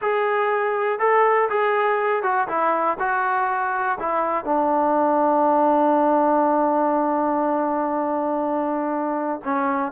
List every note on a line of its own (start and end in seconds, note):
0.01 0.99 G#4
0.99 1.49 A4
1.49 2.22 G#4
2.22 2.47 F#4
2.48 2.97 E4
2.99 3.98 F#4
3.99 4.44 E4
4.44 9.40 D4
9.44 9.92 C#4